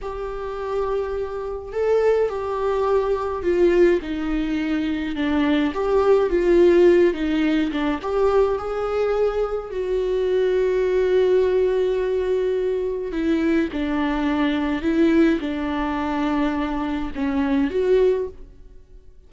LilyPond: \new Staff \with { instrumentName = "viola" } { \time 4/4 \tempo 4 = 105 g'2. a'4 | g'2 f'4 dis'4~ | dis'4 d'4 g'4 f'4~ | f'8 dis'4 d'8 g'4 gis'4~ |
gis'4 fis'2.~ | fis'2. e'4 | d'2 e'4 d'4~ | d'2 cis'4 fis'4 | }